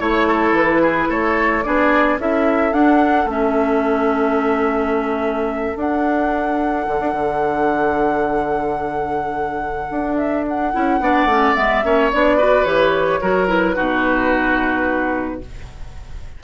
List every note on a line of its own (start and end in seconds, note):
0.00 0.53 A3
0.00 1.65 E4
0.00 0.55 C#5
0.00 0.28 C#5
0.28 0.82 A4
0.53 1.08 E3
0.53 1.11 B4
0.82 1.09 G#4
1.09 1.65 A3
1.09 1.64 A4
1.09 1.63 C#5
1.63 2.19 B3
1.63 2.20 D4
1.63 2.21 G#4
1.63 2.18 D5
2.19 2.73 C#4
2.19 2.73 E4
2.19 11.02 A4
2.19 2.74 E5
2.73 3.26 D4
2.73 3.28 D4
2.73 3.29 F#5
3.26 5.74 A3
3.26 5.76 C#4
3.26 5.78 E5
5.76 10.71 D4
5.76 6.87 D4
5.76 10.17 F#5
6.89 7.01 D3
7.01 7.13 D4
7.13 9.88 D3
9.91 10.74 D4
10.17 10.45 E5
10.48 11.55 F#5
10.74 11.00 C#4
10.74 11.01 E4
11.00 11.26 B3
11.00 11.29 D4
11.00 11.86 D5
11.26 11.53 A3
11.26 11.56 C#4
11.55 11.85 G#3
11.55 11.83 B3
11.55 12.10 E5
11.84 12.12 A#3
11.84 12.11 C#4
11.84 12.38 C#5
12.12 12.66 B3
12.12 12.39 D4
12.12 12.65 D5
12.38 12.66 F#4
12.38 13.20 B4
12.65 13.21 E3
12.65 13.21 G4
12.65 13.47 C#5
13.22 13.77 F#3
13.22 13.48 F#4
13.22 13.76 A#4
13.48 13.76 E4
13.48 15.41 B4
13.76 15.44 B2
13.76 15.41 D#4
13.76 15.41 F#4